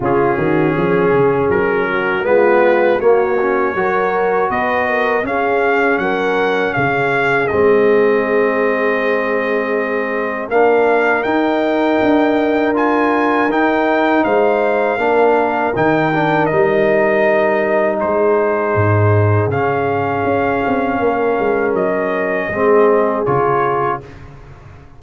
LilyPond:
<<
  \new Staff \with { instrumentName = "trumpet" } { \time 4/4 \tempo 4 = 80 gis'2 ais'4 b'4 | cis''2 dis''4 f''4 | fis''4 f''4 dis''2~ | dis''2 f''4 g''4~ |
g''4 gis''4 g''4 f''4~ | f''4 g''4 dis''2 | c''2 f''2~ | f''4 dis''2 cis''4 | }
  \new Staff \with { instrumentName = "horn" } { \time 4/4 f'8 fis'8 gis'4. fis'8 f'4 | fis'4 ais'4 b'8 ais'8 gis'4 | ais'4 gis'2.~ | gis'2 ais'2~ |
ais'2. c''4 | ais'1 | gis'1 | ais'2 gis'2 | }
  \new Staff \with { instrumentName = "trombone" } { \time 4/4 cis'2. b4 | ais8 cis'8 fis'2 cis'4~ | cis'2 c'2~ | c'2 d'4 dis'4~ |
dis'4 f'4 dis'2 | d'4 dis'8 d'8 dis'2~ | dis'2 cis'2~ | cis'2 c'4 f'4 | }
  \new Staff \with { instrumentName = "tuba" } { \time 4/4 cis8 dis8 f8 cis8 fis4 gis4 | ais4 fis4 b4 cis'4 | fis4 cis4 gis2~ | gis2 ais4 dis'4 |
d'2 dis'4 gis4 | ais4 dis4 g2 | gis4 gis,4 cis4 cis'8 c'8 | ais8 gis8 fis4 gis4 cis4 | }
>>